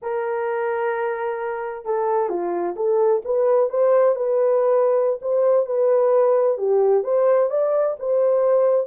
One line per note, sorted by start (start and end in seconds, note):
0.02 1.85 A#4
1.85 2.29 A4
2.29 2.75 F4
2.76 3.22 A4
3.25 3.69 B4
3.69 4.15 C5
4.15 5.19 B4
5.21 5.66 C5
5.66 6.57 B4
6.57 7.03 G4
7.03 7.49 C5
7.50 7.96 D5
7.99 8.87 C5